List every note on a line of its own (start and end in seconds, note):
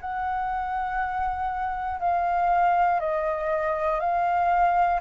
0.00 2.00 F#5
2.00 3.00 F5
3.00 4.00 D#5
4.00 5.00 F5